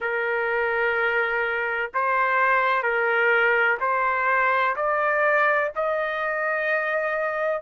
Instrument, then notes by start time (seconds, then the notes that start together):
trumpet
0.00 A#4
1.94 C5
2.82 A#4
3.80 C5
4.76 D5
5.75 D#5